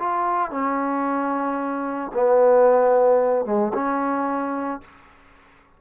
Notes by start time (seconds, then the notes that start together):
0.00 F4
0.51 C#4
2.15 B3
3.46 G#3
3.74 C#4